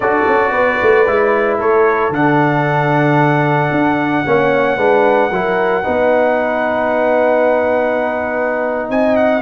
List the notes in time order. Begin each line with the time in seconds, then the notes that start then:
0.00 D4 F#4 A4 D5
0.27 C#4
0.51 B3 B4
0.82 A3
1.06 G#3 E4
1.58 A3 A4 C#5
2.10 D3 D4 F#5
3.71 D4
4.25 A#3 C#4 C#5
4.76 G#3 D4 B4
5.31 F#3 E4 A#4
5.83 B3 D#4 B4
8.89 C4 D#5 G#5
9.15 F#5